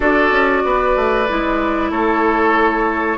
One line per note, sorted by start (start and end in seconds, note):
0.00 0.31 D4
0.00 1.26 F#4
0.00 0.62 A4
0.00 1.91 D5
0.31 0.63 C#4
0.64 0.96 B3
0.64 1.91 B4
0.96 1.28 A3
1.28 1.90 G#3
1.28 3.18 E4
1.90 3.18 A3
1.90 3.18 A4
1.90 3.18 C#5